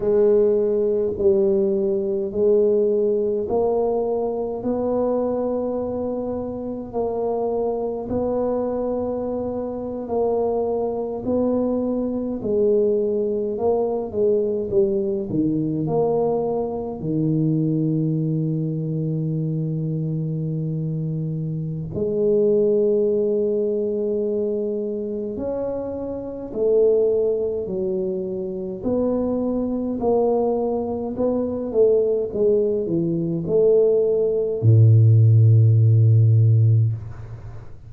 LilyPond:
\new Staff \with { instrumentName = "tuba" } { \time 4/4 \tempo 4 = 52 gis4 g4 gis4 ais4 | b2 ais4 b4~ | b8. ais4 b4 gis4 ais16~ | ais16 gis8 g8 dis8 ais4 dis4~ dis16~ |
dis2. gis4~ | gis2 cis'4 a4 | fis4 b4 ais4 b8 a8 | gis8 e8 a4 a,2 | }